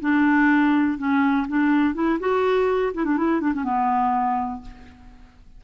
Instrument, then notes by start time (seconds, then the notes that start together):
clarinet
0.00 D4
0.98 C#4
1.47 D4
1.94 E4
2.19 F#4
2.94 E4
3.04 D4
3.17 E4
3.41 D4
3.53 C#4
3.64 B3